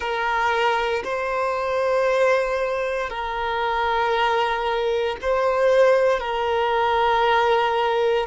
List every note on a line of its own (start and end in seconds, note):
0.00 1.03 A#4
1.03 3.09 C5
3.09 5.16 A#4
5.21 6.20 C5
6.20 8.26 A#4